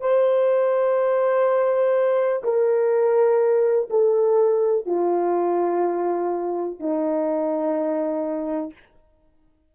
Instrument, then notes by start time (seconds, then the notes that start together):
horn
0.00 C5
2.43 A#4
3.90 A4
4.86 F4
6.79 D#4